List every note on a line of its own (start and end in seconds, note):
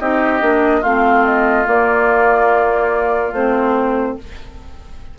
0.00 0.42 C4
0.00 0.41 D#4
0.00 0.81 G4
0.00 0.83 D#5
0.41 0.83 A#3
0.41 0.82 D4
0.81 1.67 A3
0.81 1.65 C4
0.81 4.14 F4
0.81 1.25 F5
1.26 1.67 D#5
1.65 3.32 A#3
1.65 3.33 A#3
1.65 3.34 D5
3.33 4.16 A3
3.33 4.19 C4
3.33 4.18 C5